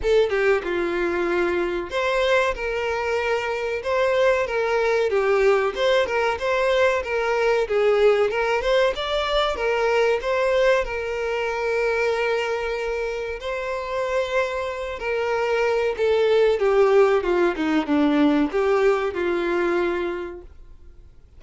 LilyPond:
\new Staff \with { instrumentName = "violin" } { \time 4/4 \tempo 4 = 94 a'8 g'8 f'2 c''4 | ais'2 c''4 ais'4 | g'4 c''8 ais'8 c''4 ais'4 | gis'4 ais'8 c''8 d''4 ais'4 |
c''4 ais'2.~ | ais'4 c''2~ c''8 ais'8~ | ais'4 a'4 g'4 f'8 dis'8 | d'4 g'4 f'2 | }